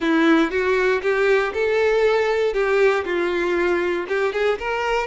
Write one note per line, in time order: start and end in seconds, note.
0.00 0.50 E4
0.50 1.01 F#4
1.01 1.52 G4
1.53 2.53 A4
2.53 3.04 G4
3.04 4.06 F4
4.08 4.32 G4
4.32 4.58 G#4
4.59 5.06 A#4